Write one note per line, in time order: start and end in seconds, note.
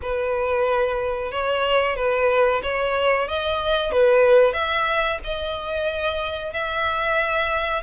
0.01 1.31 B4
1.31 1.96 C#5
1.96 2.61 B4
2.62 3.28 C#5
3.28 3.91 D#5
3.91 4.53 B4
4.53 5.18 E5
5.24 6.53 D#5
6.53 7.82 E5